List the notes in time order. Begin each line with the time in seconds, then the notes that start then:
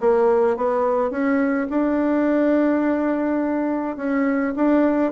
0.00 A#3
0.56 B3
1.10 C#4
1.70 D4
3.96 C#4
4.55 D4